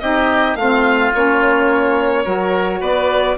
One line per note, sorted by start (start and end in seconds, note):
0.00 0.55 C4
0.00 0.57 D#4
0.00 0.58 G4
0.00 0.56 D#5
0.55 1.11 A3
0.55 1.14 C4
0.55 2.24 F4
0.55 1.12 F5
1.14 2.26 A#3
1.14 2.24 C#4
1.14 2.82 C#5
2.24 2.81 F#3
2.24 3.36 F#4
2.24 2.80 A#4
2.80 3.37 B3
2.80 3.36 B4
2.80 3.38 D5